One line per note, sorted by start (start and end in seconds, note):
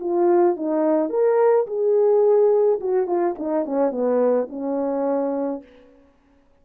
0.00 0.57 F4
0.57 1.10 D#4
1.10 1.66 A#4
1.67 2.80 G#4
2.81 3.07 F#4
3.07 3.36 F4
3.39 3.66 D#4
3.66 3.92 C#4
3.92 4.48 B3
4.50 5.63 C#4